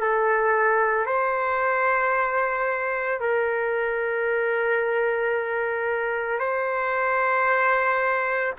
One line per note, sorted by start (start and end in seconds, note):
0.00 1.06 A4
1.06 3.20 C5
3.20 6.39 A#4
6.39 8.54 C5